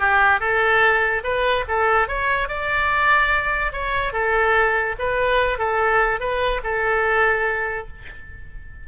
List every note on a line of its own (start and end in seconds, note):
0.00 0.41 G4
0.41 1.23 A4
1.24 1.65 B4
1.69 2.09 A4
2.09 2.49 C#5
2.49 3.73 D5
3.73 4.13 C#5
4.13 4.96 A4
4.99 5.59 B4
5.59 6.20 A4
6.20 6.62 B4
6.64 7.88 A4